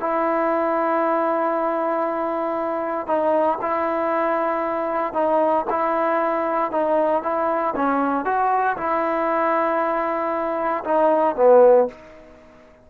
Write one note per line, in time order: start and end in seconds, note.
0.00 3.07 E4
3.07 3.59 D#4
3.61 5.14 E4
5.14 5.65 D#4
5.70 6.71 E4
6.71 7.23 D#4
7.23 7.74 E4
7.76 8.25 C#4
8.25 8.77 F#4
8.77 10.84 E4
10.84 11.36 D#4
11.36 11.88 B3